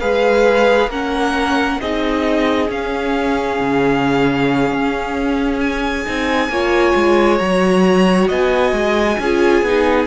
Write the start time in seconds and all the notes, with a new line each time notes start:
0.00 G#3 G#4 B4 F5
0.87 A#3 C#4 A#4 F#5
1.81 C4 D#4 G#4 D#5
2.69 C#4 F5
3.60 C#3
4.72 C#4
5.60 G#5
6.05 C4 D#4
6.49 A#3 F4 C#5
6.96 G#3
7.38 F#3 F#4 A#5
8.28 B3 D#5 G#5
8.72 G#3
9.19 C#4 F4 G#4
9.62 B3 D#4